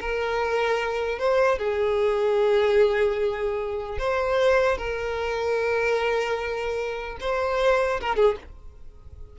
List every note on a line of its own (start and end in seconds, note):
0.00 1.19 A#4
1.19 1.58 C5
1.58 3.98 G#4
3.98 4.77 C5
4.77 7.17 A#4
7.20 8.00 C5
8.00 8.16 A#4
8.16 8.36 G#4